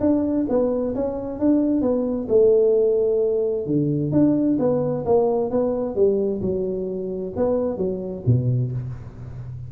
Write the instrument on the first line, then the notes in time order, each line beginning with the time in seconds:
tuba
0.00 D4
0.49 B3
0.95 C#4
1.39 D4
1.81 B3
2.28 A3
3.66 D3
4.12 D4
4.59 B3
5.05 A#3
5.50 B3
5.95 G3
6.41 F#3
7.36 B3
7.77 F#3
8.26 B2